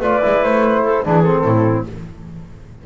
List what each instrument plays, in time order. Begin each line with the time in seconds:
0.00 double bass A3, trombone F4, clarinet B4, flute D5
0.22 double bass G#3, trombone E4
0.44 double bass A3, flute C5
0.84 clarinet A4
1.05 double bass E3, trombone D4, clarinet G#4, flute B4
1.23 trombone C4, flute A4
1.43 double bass A2, clarinet E4